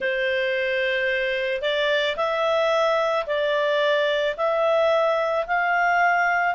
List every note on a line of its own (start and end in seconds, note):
0.00 1.61 C5
1.61 2.16 D5
2.16 3.25 E5
3.26 4.35 D5
4.36 5.45 E5
5.46 6.55 F5